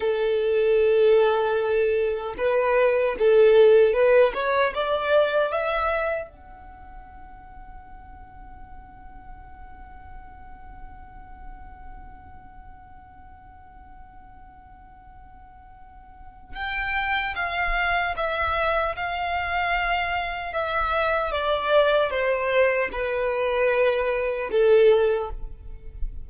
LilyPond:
\new Staff \with { instrumentName = "violin" } { \time 4/4 \tempo 4 = 76 a'2. b'4 | a'4 b'8 cis''8 d''4 e''4 | fis''1~ | fis''1~ |
fis''1~ | fis''4 g''4 f''4 e''4 | f''2 e''4 d''4 | c''4 b'2 a'4 | }